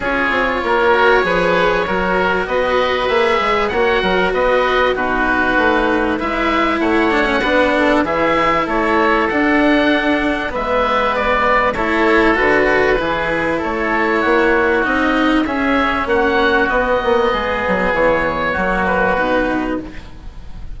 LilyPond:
<<
  \new Staff \with { instrumentName = "oboe" } { \time 4/4 \tempo 4 = 97 cis''1 | dis''4 e''4 fis''4 dis''4 | b'2 e''4 fis''4~ | fis''4 e''4 cis''4 fis''4~ |
fis''4 e''4 d''4 cis''4 | b'2 cis''2 | dis''4 e''4 fis''4 dis''4~ | dis''4 cis''4. b'4. | }
  \new Staff \with { instrumentName = "oboe" } { \time 4/4 gis'4 ais'4 b'4 ais'4 | b'2 cis''8 ais'8 b'4 | fis'2 b'4 cis''4 | b'8 a'8 gis'4 a'2~ |
a'4 b'2 a'4~ | a'4 gis'4 a'4 fis'4~ | fis'4 gis'4 fis'2 | gis'2 fis'2 | }
  \new Staff \with { instrumentName = "cello" } { \time 4/4 f'4. fis'8 gis'4 fis'4~ | fis'4 gis'4 fis'2 | dis'2 e'4. d'16 cis'16 | d'4 e'2 d'4~ |
d'4 b2 e'4 | fis'4 e'2. | dis'4 cis'2 b4~ | b2 ais4 dis'4 | }
  \new Staff \with { instrumentName = "bassoon" } { \time 4/4 cis'8 c'8 ais4 f4 fis4 | b4 ais8 gis8 ais8 fis8 b4 | b,4 a4 gis4 a4 | b4 e4 a4 d'4~ |
d'4 gis2 a4 | d4 e4 a4 ais4 | c'4 cis'4 ais4 b8 ais8 | gis8 fis8 e4 fis4 b,4 | }
>>